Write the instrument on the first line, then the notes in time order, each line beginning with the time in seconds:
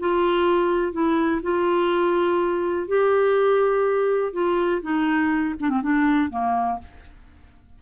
clarinet
0.00 F4
0.93 E4
1.43 F4
2.88 G4
4.33 F4
4.82 D#4
5.61 D4
5.70 C4
5.83 D4
6.31 A#3